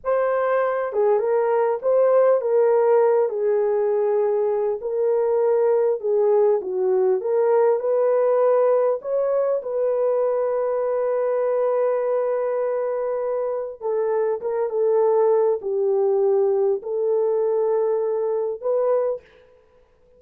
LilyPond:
\new Staff \with { instrumentName = "horn" } { \time 4/4 \tempo 4 = 100 c''4. gis'8 ais'4 c''4 | ais'4. gis'2~ gis'8 | ais'2 gis'4 fis'4 | ais'4 b'2 cis''4 |
b'1~ | b'2. a'4 | ais'8 a'4. g'2 | a'2. b'4 | }